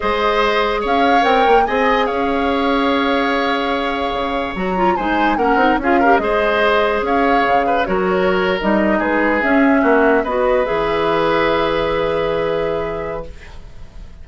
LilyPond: <<
  \new Staff \with { instrumentName = "flute" } { \time 4/4 \tempo 4 = 145 dis''2 f''4 g''4 | gis''4 f''2.~ | f''2. ais''4 | gis''4 fis''4 f''4 dis''4~ |
dis''4 f''2 cis''4~ | cis''8. dis''4 b'4 e''4~ e''16~ | e''8. dis''4 e''2~ e''16~ | e''1 | }
  \new Staff \with { instrumentName = "oboe" } { \time 4/4 c''2 cis''2 | dis''4 cis''2.~ | cis''1 | c''4 ais'4 gis'8 ais'8 c''4~ |
c''4 cis''4. b'8 ais'4~ | ais'4.~ ais'16 gis'2 fis'16~ | fis'8. b'2.~ b'16~ | b'1 | }
  \new Staff \with { instrumentName = "clarinet" } { \time 4/4 gis'2. ais'4 | gis'1~ | gis'2. fis'8 f'8 | dis'4 cis'8 dis'8 f'8 g'8 gis'4~ |
gis'2. fis'4~ | fis'8. dis'2 cis'4~ cis'16~ | cis'8. fis'4 gis'2~ gis'16~ | gis'1 | }
  \new Staff \with { instrumentName = "bassoon" } { \time 4/4 gis2 cis'4 c'8 ais8 | c'4 cis'2.~ | cis'2 cis4 fis4 | gis4 ais8 c'8 cis'4 gis4~ |
gis4 cis'4 cis4 fis4~ | fis8. g4 gis4 cis'4 ais16~ | ais8. b4 e2~ e16~ | e1 | }
>>